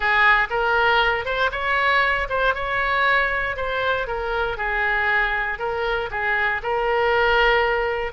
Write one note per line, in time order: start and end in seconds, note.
0.00 0.47 G#4
0.50 1.25 A#4
1.25 1.50 C5
1.51 2.27 C#5
2.29 2.54 C5
2.54 3.56 C#5
3.56 4.07 C5
4.07 4.57 A#4
4.57 5.58 G#4
5.58 6.09 A#4
6.10 6.61 G#4
6.62 8.12 A#4